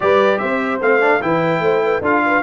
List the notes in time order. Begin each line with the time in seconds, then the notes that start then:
0.00 G3 G4 B4 D5
0.38 C4 C5 E5
0.80 A3 C4 F5
1.00 D4
1.21 E3 E4 B4 G5
1.59 A3 C5
1.83 B4
2.01 D4 F4 A4 F5
2.25 B4